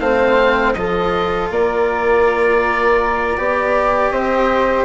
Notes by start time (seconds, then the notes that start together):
0.00 A3 C4 C5 F5
0.74 F3 F4 A4 D#5
1.50 A#3 A#4 D5
3.38 B3 G4 D5
4.11 C4 C5 D#5